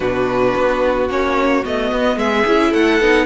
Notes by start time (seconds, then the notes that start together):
0.00 B2 D4 F#4 B4
0.55 B3
1.08 A#3 C#4 C#5
1.63 A3 B3 D#5
1.92 B3
2.16 G#3 G#4 E5
2.46 C#4 E4
2.71 A3 A4 F#5
3.00 B3 D#4